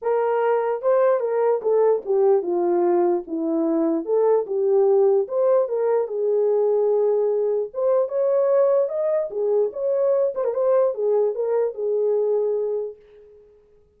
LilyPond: \new Staff \with { instrumentName = "horn" } { \time 4/4 \tempo 4 = 148 ais'2 c''4 ais'4 | a'4 g'4 f'2 | e'2 a'4 g'4~ | g'4 c''4 ais'4 gis'4~ |
gis'2. c''4 | cis''2 dis''4 gis'4 | cis''4. c''16 ais'16 c''4 gis'4 | ais'4 gis'2. | }